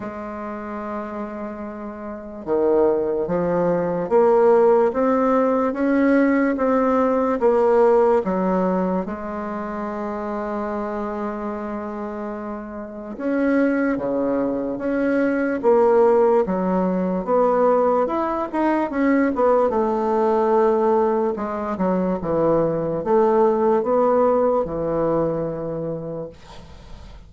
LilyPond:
\new Staff \with { instrumentName = "bassoon" } { \time 4/4 \tempo 4 = 73 gis2. dis4 | f4 ais4 c'4 cis'4 | c'4 ais4 fis4 gis4~ | gis1 |
cis'4 cis4 cis'4 ais4 | fis4 b4 e'8 dis'8 cis'8 b8 | a2 gis8 fis8 e4 | a4 b4 e2 | }